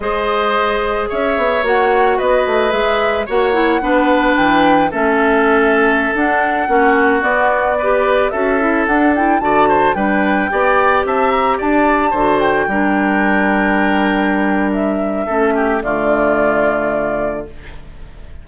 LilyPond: <<
  \new Staff \with { instrumentName = "flute" } { \time 4/4 \tempo 4 = 110 dis''2 e''4 fis''4 | dis''4 e''4 fis''2 | g''4 e''2~ e''16 fis''8.~ | fis''4~ fis''16 d''2 e''8.~ |
e''16 fis''8 g''8 a''4 g''4.~ g''16~ | g''16 a''8 ais''8 a''4. g''4~ g''16~ | g''2. e''4~ | e''4 d''2. | }
  \new Staff \with { instrumentName = "oboe" } { \time 4/4 c''2 cis''2 | b'2 cis''4 b'4~ | b'4 a'2.~ | a'16 fis'2 b'4 a'8.~ |
a'4~ a'16 d''8 c''8 b'4 d''8.~ | d''16 e''4 d''4 c''4 ais'8.~ | ais'1 | a'8 g'8 f'2. | }
  \new Staff \with { instrumentName = "clarinet" } { \time 4/4 gis'2. fis'4~ | fis'4 gis'4 fis'8 e'8 d'4~ | d'4 cis'2~ cis'16 d'8.~ | d'16 cis'4 b4 g'4 fis'8 e'16~ |
e'16 d'8 e'8 fis'4 d'4 g'8.~ | g'2~ g'16 fis'4 d'8.~ | d'1 | cis'4 a2. | }
  \new Staff \with { instrumentName = "bassoon" } { \time 4/4 gis2 cis'8 b8 ais4 | b8 a8 gis4 ais4 b4 | e4 a2~ a16 d'8.~ | d'16 ais4 b2 cis'8.~ |
cis'16 d'4 d4 g4 b8.~ | b16 c'4 d'4 d4 g8.~ | g1 | a4 d2. | }
>>